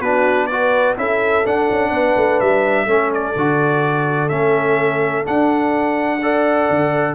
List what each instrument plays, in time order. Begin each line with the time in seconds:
0.00 tuba B3, trombone D4, horn F#4, trumpet B4
0.46 trombone F#4, horn B4, trumpet D5
0.97 tuba C#4, trombone E4, horn A4, trumpet E5
1.46 tuba D4, trombone D4, trumpet F#5
1.70 tuba C#4
1.90 tuba B3, horn B4
2.16 tuba A3
2.40 tuba G3, trumpet E5
2.86 tuba A3, trombone C#4
2.92 horn A4
3.14 trumpet D5
3.36 tuba D3, trombone F#4
4.29 tuba A3, trombone C#4, trumpet E5
5.24 trombone D4, tuba D4, trumpet F#5
6.22 trombone A4, horn D5
6.70 tuba D3